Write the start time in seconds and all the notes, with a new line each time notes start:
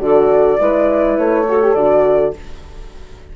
0.00 D3 F#4 A4 D5
0.59 G#3 E4 B4
1.18 A3 C#5
1.46 F#4 A4
1.62 G4
1.75 D3 F#4 D5